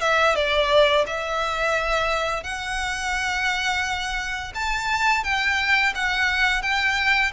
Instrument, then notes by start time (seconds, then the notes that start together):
violin
0.00 E5
0.35 D5
1.06 E5
2.43 F#5
4.54 A5
5.23 G5
5.95 F#5
6.62 G5